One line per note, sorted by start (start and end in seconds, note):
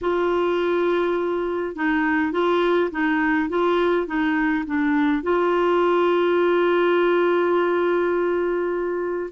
0.01 1.75 F4
1.75 2.32 D#4
2.32 2.90 F4
2.91 3.49 D#4
3.49 4.06 F4
4.06 4.64 D#4
4.66 5.22 D4
5.22 9.30 F4